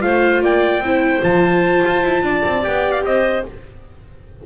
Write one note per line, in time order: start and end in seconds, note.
0.00 0.41 A3
0.00 0.81 F4
0.00 0.43 C5
0.00 0.41 F5
0.41 0.79 A#3
0.41 0.83 D5
0.41 1.23 G5
0.79 1.19 C4
0.79 1.21 E4
0.79 2.24 C5
1.21 1.83 F3
1.21 2.61 F4
1.21 2.64 A5
1.86 2.03 F4
2.03 2.22 E4
2.22 2.42 D4
2.22 3.04 D5
2.45 2.66 C4
2.61 3.03 B3
2.61 3.42 G4
2.61 2.91 G5
2.91 3.01 F5
3.03 3.44 C4
3.03 3.45 C5
3.03 3.45 D#5